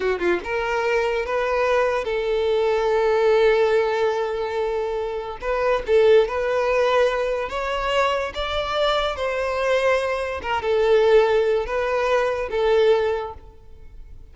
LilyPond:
\new Staff \with { instrumentName = "violin" } { \time 4/4 \tempo 4 = 144 fis'8 f'8 ais'2 b'4~ | b'4 a'2.~ | a'1~ | a'4 b'4 a'4 b'4~ |
b'2 cis''2 | d''2 c''2~ | c''4 ais'8 a'2~ a'8 | b'2 a'2 | }